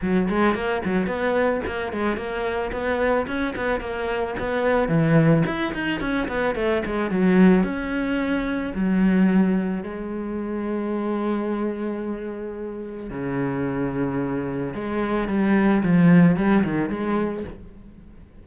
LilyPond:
\new Staff \with { instrumentName = "cello" } { \time 4/4 \tempo 4 = 110 fis8 gis8 ais8 fis8 b4 ais8 gis8 | ais4 b4 cis'8 b8 ais4 | b4 e4 e'8 dis'8 cis'8 b8 | a8 gis8 fis4 cis'2 |
fis2 gis2~ | gis1 | cis2. gis4 | g4 f4 g8 dis8 gis4 | }